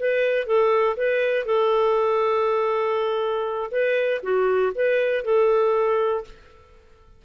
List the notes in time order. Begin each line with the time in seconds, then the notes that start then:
0.00 B4
0.47 A4
0.97 B4
1.46 A4
3.72 B4
4.23 F#4
4.75 B4
5.25 A4